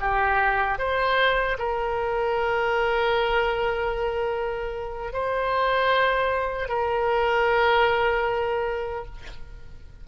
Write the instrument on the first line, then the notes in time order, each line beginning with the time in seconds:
oboe
0.00 G4
0.79 C5
1.59 A#4
5.13 C5
6.69 A#4